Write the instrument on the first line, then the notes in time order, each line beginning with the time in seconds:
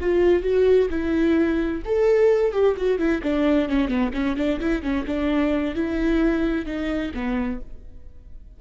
viola
0.00 F4
0.42 F#4
0.90 E4
1.85 A4
2.52 G4
2.77 F#4
2.98 E4
3.22 D4
3.68 C#4
3.88 B3
4.13 C#4
4.36 D4
4.60 E4
4.82 C#4
5.06 D4
5.74 E4
6.65 D#4
7.14 B3